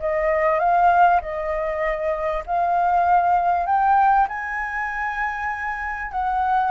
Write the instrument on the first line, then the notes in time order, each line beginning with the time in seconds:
flute
0.00 D#5
0.60 F5
1.22 D#5
2.46 F5
3.66 G5
4.28 G#5
6.12 F#5